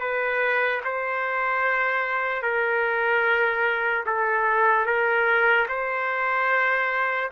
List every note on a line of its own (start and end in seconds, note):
0.00 0.81 B4
0.84 2.42 C5
2.42 4.04 A#4
4.06 4.86 A4
4.86 5.67 A#4
5.68 7.30 C5